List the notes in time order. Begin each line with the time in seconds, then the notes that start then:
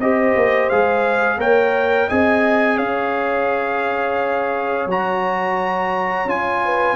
0.00 C4 G4 C5 D#5
0.35 A#3
0.69 G#3 G#4 F5
1.37 A#3 A#4 C#5 G5
2.08 C4 G#4 D#5 G#5
2.77 C#4 C#5 F5
4.86 F#3 F#4 A#5
6.25 C#4 F4 G#5
6.65 B4